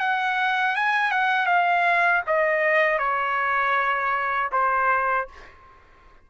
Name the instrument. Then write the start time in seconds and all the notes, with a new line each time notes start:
trumpet
0.00 F#5
0.76 G#5
1.12 F#5
1.47 F5
2.27 D#5
2.99 C#5
4.52 C5